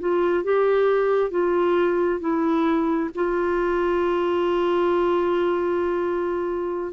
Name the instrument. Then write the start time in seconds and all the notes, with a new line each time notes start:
clarinet
0.00 F4
0.44 G4
1.31 F4
2.21 E4
3.15 F4